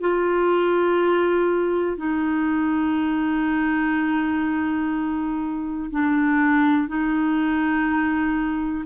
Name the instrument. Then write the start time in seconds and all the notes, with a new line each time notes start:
clarinet
0.00 F4
1.96 D#4
5.90 D4
6.88 D#4